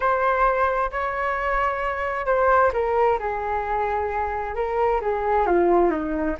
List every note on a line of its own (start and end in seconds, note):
0.00 0.90 C5
0.91 2.26 C#5
2.26 2.71 C5
2.73 3.18 A#4
3.19 4.55 G#4
4.55 5.00 A#4
5.01 5.46 G#4
5.46 5.90 F4
5.90 6.36 D#4